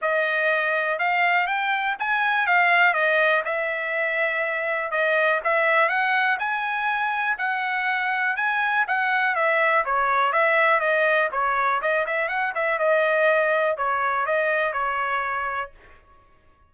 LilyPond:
\new Staff \with { instrumentName = "trumpet" } { \time 4/4 \tempo 4 = 122 dis''2 f''4 g''4 | gis''4 f''4 dis''4 e''4~ | e''2 dis''4 e''4 | fis''4 gis''2 fis''4~ |
fis''4 gis''4 fis''4 e''4 | cis''4 e''4 dis''4 cis''4 | dis''8 e''8 fis''8 e''8 dis''2 | cis''4 dis''4 cis''2 | }